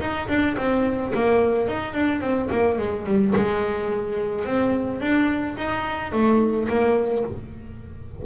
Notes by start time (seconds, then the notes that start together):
0.00 D#4
0.28 D4
0.57 C4
1.14 A#3
1.68 D#4
1.94 D4
2.21 C4
2.51 A#3
2.78 G#3
3.06 G3
3.35 G#3
4.45 C4
5.01 D4
5.57 D#4
6.12 A3
6.68 A#3